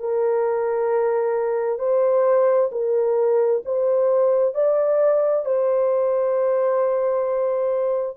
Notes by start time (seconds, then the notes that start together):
0.00 A#4
1.79 C5
2.72 A#4
3.65 C5
4.55 D5
5.45 C5